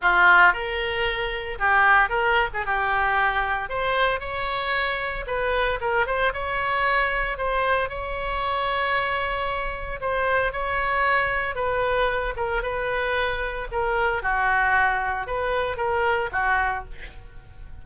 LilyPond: \new Staff \with { instrumentName = "oboe" } { \time 4/4 \tempo 4 = 114 f'4 ais'2 g'4 | ais'8. gis'16 g'2 c''4 | cis''2 b'4 ais'8 c''8 | cis''2 c''4 cis''4~ |
cis''2. c''4 | cis''2 b'4. ais'8 | b'2 ais'4 fis'4~ | fis'4 b'4 ais'4 fis'4 | }